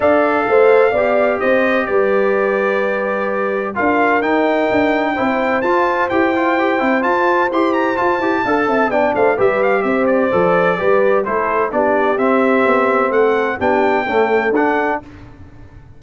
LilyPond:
<<
  \new Staff \with { instrumentName = "trumpet" } { \time 4/4 \tempo 4 = 128 f''2. dis''4 | d''1 | f''4 g''2. | a''4 g''2 a''4 |
c'''8 ais''8 a''2 g''8 f''8 | e''8 f''8 e''8 d''2~ d''8 | c''4 d''4 e''2 | fis''4 g''2 fis''4 | }
  \new Staff \with { instrumentName = "horn" } { \time 4/4 d''4 c''4 d''4 c''4 | b'1 | ais'2. c''4~ | c''1~ |
c''2 f''8 e''8 d''8 c''8 | b'4 c''2 b'4 | a'4 g'2. | a'4 g'4 a'2 | }
  \new Staff \with { instrumentName = "trombone" } { \time 4/4 a'2 g'2~ | g'1 | f'4 dis'2 e'4 | f'4 g'8 f'8 g'8 e'8 f'4 |
g'4 f'8 g'8 a'4 d'4 | g'2 a'4 g'4 | e'4 d'4 c'2~ | c'4 d'4 a4 d'4 | }
  \new Staff \with { instrumentName = "tuba" } { \time 4/4 d'4 a4 b4 c'4 | g1 | d'4 dis'4 d'4 c'4 | f'4 e'4. c'8 f'4 |
e'4 f'8 e'8 d'8 c'8 b8 a8 | g4 c'4 f4 g4 | a4 b4 c'4 b4 | a4 b4 cis'4 d'4 | }
>>